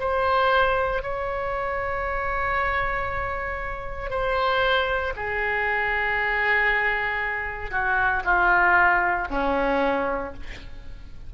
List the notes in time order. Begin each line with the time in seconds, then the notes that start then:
0.00 C5
1.03 C#5
4.10 C5
5.16 G#4
7.71 F#4
8.25 F4
9.31 C#4